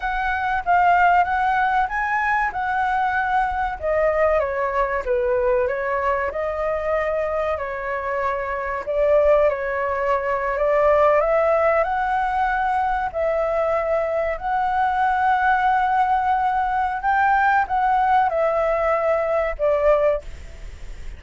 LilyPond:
\new Staff \with { instrumentName = "flute" } { \time 4/4 \tempo 4 = 95 fis''4 f''4 fis''4 gis''4 | fis''2 dis''4 cis''4 | b'4 cis''4 dis''2 | cis''2 d''4 cis''4~ |
cis''8. d''4 e''4 fis''4~ fis''16~ | fis''8. e''2 fis''4~ fis''16~ | fis''2. g''4 | fis''4 e''2 d''4 | }